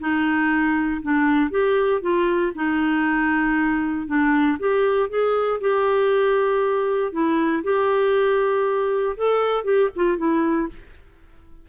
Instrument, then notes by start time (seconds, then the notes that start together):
clarinet
0.00 D#4
1.02 D4
1.51 G4
2.02 F4
2.55 D#4
4.07 D4
4.59 G4
5.10 G#4
5.61 G4
7.12 E4
7.63 G4
9.17 A4
9.64 G4
9.96 F4
10.18 E4